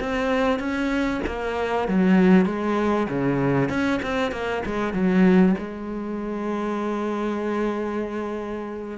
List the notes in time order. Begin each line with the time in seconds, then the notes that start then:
0.00 C4
0.59 C#4
1.27 A#3
1.88 F#3
2.45 G#3
3.09 C#3
3.69 C#4
4.02 C4
4.32 A#3
4.66 G#3
4.93 F#3
5.58 G#3